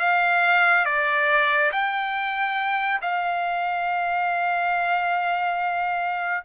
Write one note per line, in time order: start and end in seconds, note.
0.00 0.85 F5
0.85 1.71 D5
1.72 3.01 G5
3.02 6.44 F5